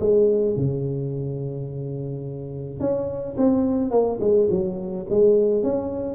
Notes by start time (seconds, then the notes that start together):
0.00 G#3
0.56 C#3
2.80 C#4
3.37 C4
3.91 A#3
4.21 G#3
4.50 F#3
5.10 G#3
5.64 C#4